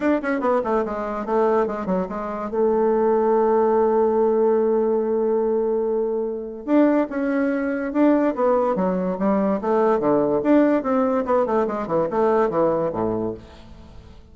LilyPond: \new Staff \with { instrumentName = "bassoon" } { \time 4/4 \tempo 4 = 144 d'8 cis'8 b8 a8 gis4 a4 | gis8 fis8 gis4 a2~ | a1~ | a1 |
d'4 cis'2 d'4 | b4 fis4 g4 a4 | d4 d'4 c'4 b8 a8 | gis8 e8 a4 e4 a,4 | }